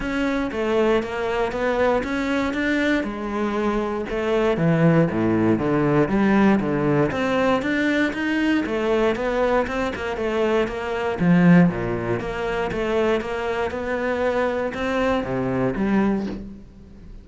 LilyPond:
\new Staff \with { instrumentName = "cello" } { \time 4/4 \tempo 4 = 118 cis'4 a4 ais4 b4 | cis'4 d'4 gis2 | a4 e4 a,4 d4 | g4 d4 c'4 d'4 |
dis'4 a4 b4 c'8 ais8 | a4 ais4 f4 ais,4 | ais4 a4 ais4 b4~ | b4 c'4 c4 g4 | }